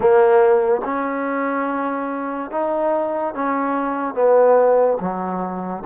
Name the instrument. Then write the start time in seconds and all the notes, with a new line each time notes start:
trombone
0.00 A#3
0.84 C#4
2.50 D#4
3.34 C#4
4.14 B3
5.00 F#3